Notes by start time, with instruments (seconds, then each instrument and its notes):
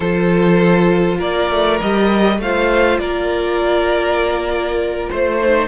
0.00 cello F3, viola F4, violin A4 C5
1.18 cello A#3, violin A#4 D5
1.50 cello A3
1.80 cello G3, viola G4, violin D#5
2.38 cello A3, viola F4, violin C5 F5
2.98 cello A#3, violin A#4 D5
5.09 cello A3, violin C5
5.42 viola D#4